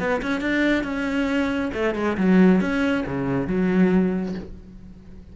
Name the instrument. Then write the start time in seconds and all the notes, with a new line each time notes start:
cello
0.00 B3
0.22 C#4
0.41 D4
0.84 C#4
1.74 A3
1.95 G#3
2.18 F#3
2.61 C#4
3.07 C#3
3.48 F#3